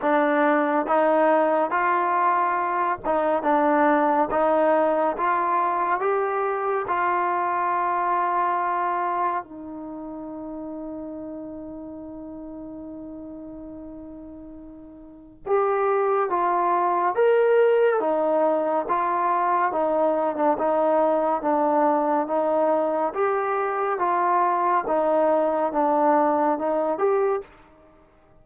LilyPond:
\new Staff \with { instrumentName = "trombone" } { \time 4/4 \tempo 4 = 70 d'4 dis'4 f'4. dis'8 | d'4 dis'4 f'4 g'4 | f'2. dis'4~ | dis'1~ |
dis'2 g'4 f'4 | ais'4 dis'4 f'4 dis'8. d'16 | dis'4 d'4 dis'4 g'4 | f'4 dis'4 d'4 dis'8 g'8 | }